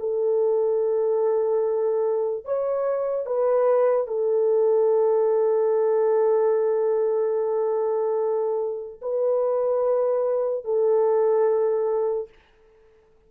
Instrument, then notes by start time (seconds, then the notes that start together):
horn
0.00 A4
2.45 C#5
3.27 B4
4.08 A4
9.02 B4
10.65 A4